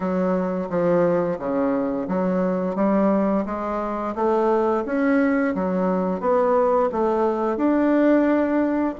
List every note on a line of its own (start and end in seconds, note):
0.00 0.68 F#3
0.69 1.38 F3
1.38 2.07 C#3
2.08 2.75 F#3
2.75 3.44 G3
3.45 4.14 G#3
4.15 4.84 A3
4.85 5.54 C#4
5.55 6.20 F#3
6.20 6.89 B3
6.92 7.56 A3
7.56 8.94 D4